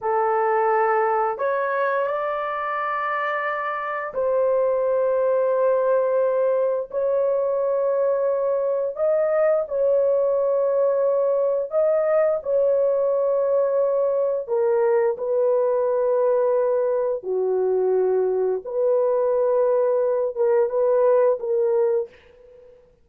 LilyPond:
\new Staff \with { instrumentName = "horn" } { \time 4/4 \tempo 4 = 87 a'2 cis''4 d''4~ | d''2 c''2~ | c''2 cis''2~ | cis''4 dis''4 cis''2~ |
cis''4 dis''4 cis''2~ | cis''4 ais'4 b'2~ | b'4 fis'2 b'4~ | b'4. ais'8 b'4 ais'4 | }